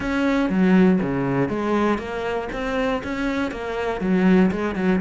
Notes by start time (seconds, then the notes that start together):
0.00 C#4
0.49 F#3
1.01 C#3
1.48 G#3
1.98 A#3
2.52 C4
3.03 C#4
3.51 A#3
4.00 F#3
4.51 G#3
4.75 F#3